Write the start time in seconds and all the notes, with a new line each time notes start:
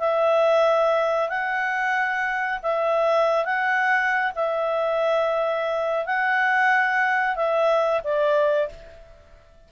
0.00 E5
1.29 F#5
2.63 E5
3.45 F#5
4.36 E5
6.06 F#5
7.36 E5
8.04 D5